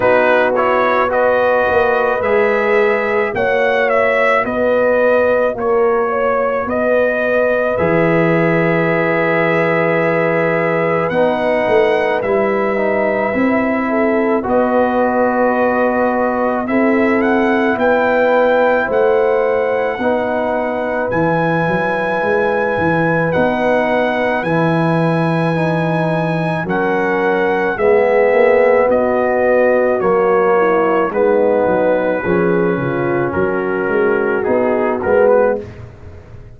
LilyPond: <<
  \new Staff \with { instrumentName = "trumpet" } { \time 4/4 \tempo 4 = 54 b'8 cis''8 dis''4 e''4 fis''8 e''8 | dis''4 cis''4 dis''4 e''4~ | e''2 fis''4 e''4~ | e''4 dis''2 e''8 fis''8 |
g''4 fis''2 gis''4~ | gis''4 fis''4 gis''2 | fis''4 e''4 dis''4 cis''4 | b'2 ais'4 gis'8 ais'16 b'16 | }
  \new Staff \with { instrumentName = "horn" } { \time 4/4 fis'4 b'2 cis''4 | b'4 ais'8 cis''8 b'2~ | b'1~ | b'8 a'8 b'2 a'4 |
b'4 c''4 b'2~ | b'1 | ais'4 gis'4 fis'4. e'8 | dis'4 gis'8 f'8 fis'2 | }
  \new Staff \with { instrumentName = "trombone" } { \time 4/4 dis'8 e'8 fis'4 gis'4 fis'4~ | fis'2. gis'4~ | gis'2 dis'4 e'8 dis'8 | e'4 fis'2 e'4~ |
e'2 dis'4 e'4~ | e'4 dis'4 e'4 dis'4 | cis'4 b2 ais4 | b4 cis'2 dis'8 b8 | }
  \new Staff \with { instrumentName = "tuba" } { \time 4/4 b4. ais8 gis4 ais4 | b4 ais4 b4 e4~ | e2 b8 a8 g4 | c'4 b2 c'4 |
b4 a4 b4 e8 fis8 | gis8 e8 b4 e2 | fis4 gis8 ais8 b4 fis4 | gis8 fis8 f8 cis8 fis8 gis8 b8 gis8 | }
>>